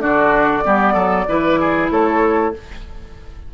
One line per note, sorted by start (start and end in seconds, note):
0.00 0.65 D3
0.00 0.62 D4
0.00 0.64 F#4
0.00 1.88 D5
0.64 0.94 G3
0.64 1.26 B3
0.64 0.93 G4
0.93 1.26 F#3
0.93 1.24 A4
1.28 1.90 E3
1.28 2.53 E4
1.28 1.59 B4
1.59 1.91 G#4
1.90 2.52 A3
1.90 2.53 A4
1.90 2.53 C#5